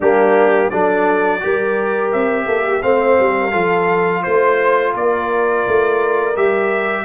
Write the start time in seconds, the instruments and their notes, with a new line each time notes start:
0.00 tuba G3, trombone A#3, horn D4, trumpet G4
0.69 tuba F#3, trombone D4, horn A4, trumpet D5
1.39 tuba G3, trombone G4, horn A#4
2.11 tuba C4, trumpet E5
2.45 tuba A#3, horn A4
2.66 horn G4
2.82 tuba A3, trombone C4, horn C5, trumpet F5
3.19 tuba G3
3.40 horn A#4
3.51 tuba F3, trombone F4, horn A4
4.22 tuba A3, trumpet C5, horn C5
4.94 tuba A#3, horn A#4, trumpet D5
5.67 tuba A3
6.35 tuba G3, trombone G4, trumpet E5